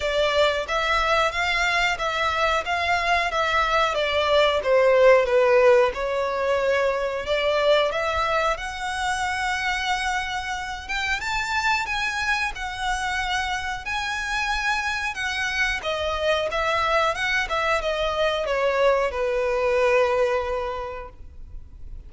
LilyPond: \new Staff \with { instrumentName = "violin" } { \time 4/4 \tempo 4 = 91 d''4 e''4 f''4 e''4 | f''4 e''4 d''4 c''4 | b'4 cis''2 d''4 | e''4 fis''2.~ |
fis''8 g''8 a''4 gis''4 fis''4~ | fis''4 gis''2 fis''4 | dis''4 e''4 fis''8 e''8 dis''4 | cis''4 b'2. | }